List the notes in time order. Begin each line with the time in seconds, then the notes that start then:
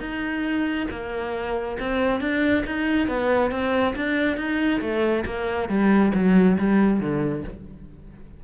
0.00 D#4
0.90 A#3
1.79 C4
2.20 D4
2.66 D#4
3.07 B3
3.51 C4
3.95 D4
4.37 D#4
4.81 A3
5.25 A#3
5.68 G3
6.14 F#3
6.58 G3
7.00 D3